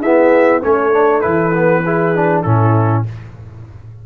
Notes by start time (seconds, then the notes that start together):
0.00 B3 E4 G#4 E5
0.62 A3 C#4 A4 C#5
0.92 D4
1.21 E3 E4 B4
1.53 B3
1.83 E4 G#4
2.15 D4
2.42 A2 C#4 E4 A4